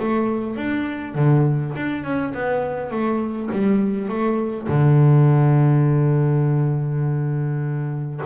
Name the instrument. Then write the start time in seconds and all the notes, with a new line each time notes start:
double bass
0.00 A3
0.57 D4
1.15 D3
1.76 D4
2.04 C#4
2.34 B3
2.91 A3
3.52 G3
4.09 A3
4.68 D3